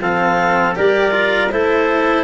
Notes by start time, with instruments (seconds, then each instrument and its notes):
0.00 tuba F3, cello C4, trumpet A4, clarinet F5
0.75 tuba G3, cello G4, trumpet A#4, clarinet D5
1.10 cello F4
1.50 tuba A3, cello E4, trumpet A4, clarinet C5